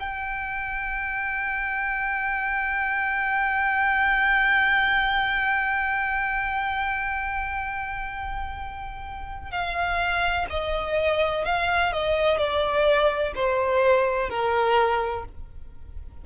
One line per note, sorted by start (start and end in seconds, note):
0.00 9.52 G5
9.52 10.47 F5
10.50 11.45 D#5
11.45 11.93 F5
11.93 12.39 D#5
12.39 13.34 D5
13.35 14.30 C5
14.30 15.25 A#4